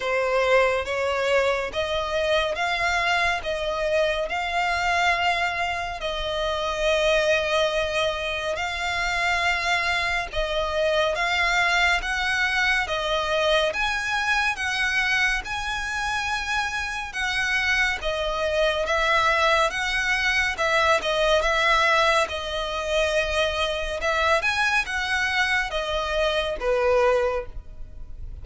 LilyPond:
\new Staff \with { instrumentName = "violin" } { \time 4/4 \tempo 4 = 70 c''4 cis''4 dis''4 f''4 | dis''4 f''2 dis''4~ | dis''2 f''2 | dis''4 f''4 fis''4 dis''4 |
gis''4 fis''4 gis''2 | fis''4 dis''4 e''4 fis''4 | e''8 dis''8 e''4 dis''2 | e''8 gis''8 fis''4 dis''4 b'4 | }